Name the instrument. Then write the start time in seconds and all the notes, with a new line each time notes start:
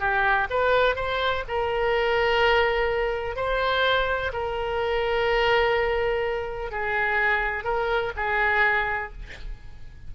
oboe
0.00 G4
0.50 B4
0.96 C5
1.48 A#4
3.36 C5
4.33 A#4
6.72 G#4
7.64 A#4
8.17 G#4